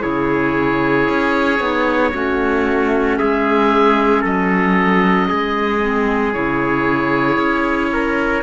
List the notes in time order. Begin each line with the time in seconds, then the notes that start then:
0.00 C#3 E4 G#4 C#5
1.09 C#4
1.59 B3 D#4
2.13 A3 C#4 F#4
3.18 G#3 G#4 E5
4.22 F#3 A4 D#5
5.29 G#3 G#4
5.81 C4
6.33 C#3 E4 C#5
7.38 C#4
7.93 A#4